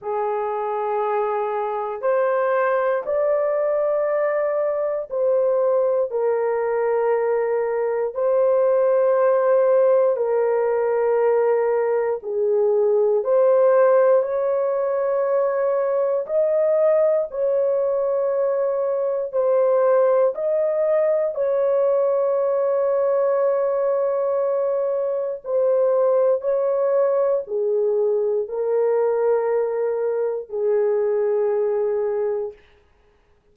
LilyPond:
\new Staff \with { instrumentName = "horn" } { \time 4/4 \tempo 4 = 59 gis'2 c''4 d''4~ | d''4 c''4 ais'2 | c''2 ais'2 | gis'4 c''4 cis''2 |
dis''4 cis''2 c''4 | dis''4 cis''2.~ | cis''4 c''4 cis''4 gis'4 | ais'2 gis'2 | }